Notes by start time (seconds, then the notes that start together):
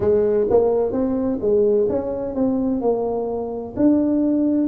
0.00 G#3
0.49 A#3
0.92 C4
1.41 G#3
1.89 C#4
2.34 C4
2.81 A#3
3.76 D4